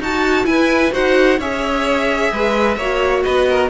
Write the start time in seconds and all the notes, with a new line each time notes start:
0.00 D#4 F#4 A5
0.44 E4 B4 G#5
0.92 D#4 F#4 C5 F#5
1.39 C#4 G#4 C#5 E5
2.33 G#3 B4
2.77 A#3 F#4 C#5
3.23 B3 B4 D#5
3.50 A#4